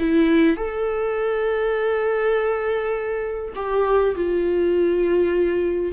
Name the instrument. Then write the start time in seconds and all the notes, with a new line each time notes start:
viola
0.00 E4
0.57 A4
3.56 G4
4.16 F4